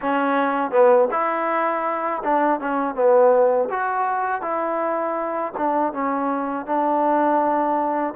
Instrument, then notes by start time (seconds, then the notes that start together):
trombone
0.01 C#4
0.71 B3
1.11 E4
2.23 D4
2.60 C#4
2.95 B3
3.70 F#4
4.41 E4
5.57 D4
5.93 C#4
6.66 D4